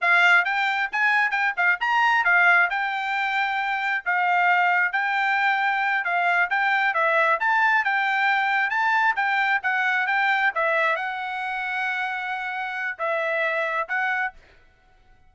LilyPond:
\new Staff \with { instrumentName = "trumpet" } { \time 4/4 \tempo 4 = 134 f''4 g''4 gis''4 g''8 f''8 | ais''4 f''4 g''2~ | g''4 f''2 g''4~ | g''4. f''4 g''4 e''8~ |
e''8 a''4 g''2 a''8~ | a''8 g''4 fis''4 g''4 e''8~ | e''8 fis''2.~ fis''8~ | fis''4 e''2 fis''4 | }